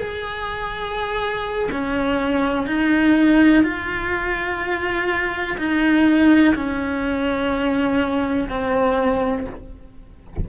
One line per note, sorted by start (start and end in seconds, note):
0.00 1.69 G#4
1.72 2.67 C#4
2.67 3.64 D#4
3.64 5.57 F4
5.58 6.55 D#4
6.55 8.49 C#4
8.50 9.47 C4